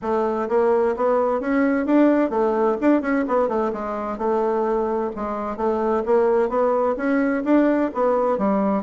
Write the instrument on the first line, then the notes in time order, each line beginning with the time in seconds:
bassoon
0.01 A3
0.48 A#3
0.96 B3
1.40 C#4
1.86 D4
2.30 A3
2.81 D4
3.01 C#4
3.27 B3
3.48 A3
3.73 G#3
4.17 A3
5.15 G#3
5.56 A3
6.05 A#3
6.49 B3
6.96 C#4
7.44 D4
7.93 B3
8.38 G3